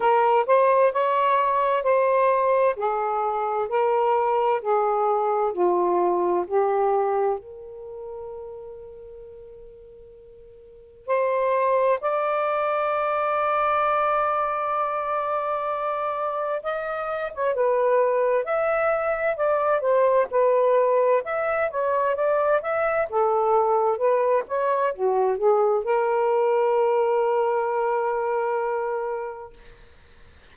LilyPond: \new Staff \with { instrumentName = "saxophone" } { \time 4/4 \tempo 4 = 65 ais'8 c''8 cis''4 c''4 gis'4 | ais'4 gis'4 f'4 g'4 | ais'1 | c''4 d''2.~ |
d''2 dis''8. cis''16 b'4 | e''4 d''8 c''8 b'4 e''8 cis''8 | d''8 e''8 a'4 b'8 cis''8 fis'8 gis'8 | ais'1 | }